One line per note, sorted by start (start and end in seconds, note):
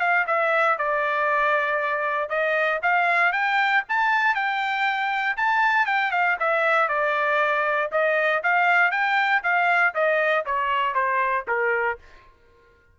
0.00 0.25 F5
0.27 0.78 E5
0.78 2.29 D5
2.29 2.80 D#5
2.82 3.32 F5
3.32 3.83 G5
3.89 4.35 A5
4.35 5.36 G5
5.37 5.86 A5
5.86 6.11 G5
6.11 6.37 F5
6.40 6.89 E5
6.89 7.90 D5
7.92 8.42 D#5
8.43 8.91 F5
8.91 9.42 G5
9.43 9.94 F5
9.94 10.45 D#5
10.46 10.94 C#5
10.94 11.45 C5
11.48 11.99 A#4